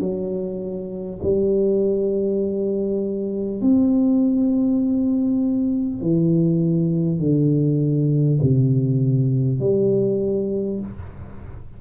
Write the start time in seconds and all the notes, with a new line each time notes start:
0.00 F#3
1.23 G3
3.61 C4
6.02 E3
7.19 D3
8.42 C3
9.60 G3